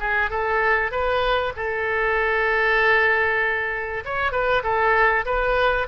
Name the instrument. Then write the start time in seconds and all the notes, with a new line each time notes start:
oboe
0.00 G#4
0.30 A4
0.92 B4
1.57 A4
4.05 C#5
4.32 B4
4.64 A4
5.26 B4